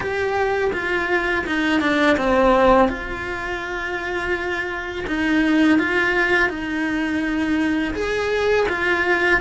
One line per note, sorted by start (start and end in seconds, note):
0.00 0.71 G4
0.72 1.45 F4
1.46 1.80 D#4
1.80 2.17 D4
2.17 2.88 C4
2.88 5.05 F4
5.07 5.78 D#4
5.78 6.49 F4
6.49 7.94 D#4
7.94 8.66 G#4
8.68 9.40 F4